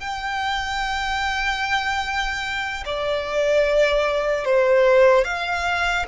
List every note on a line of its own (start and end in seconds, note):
0.00 2.84 G5
2.85 4.45 D5
4.45 5.24 C5
5.24 6.06 F5